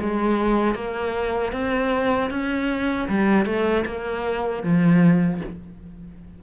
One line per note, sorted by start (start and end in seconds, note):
0.00 0.75 G#3
0.75 1.52 A#3
1.52 2.30 C4
2.30 3.08 C#4
3.09 3.46 G3
3.46 3.85 A3
3.86 4.63 A#3
4.63 5.41 F3